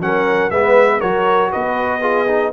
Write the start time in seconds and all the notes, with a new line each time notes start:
0.00 F#3 C#4 A#4 F#5
0.50 G#3 B3 B4 E5
1.00 F#3 F#4 A#4 C#5
1.52 B3 B4 D#5
2.01 F4 G#4
2.27 D#4